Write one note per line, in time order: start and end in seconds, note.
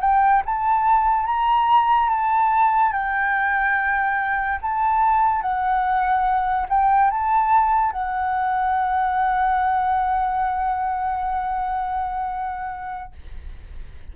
0.00 0.42 G5
0.45 1.25 A5
1.25 2.09 A#5
2.09 2.92 A5
2.92 4.59 G5
4.61 5.41 A5
5.41 6.66 F#5
6.69 7.10 G5
7.10 7.91 A5
7.91 13.12 F#5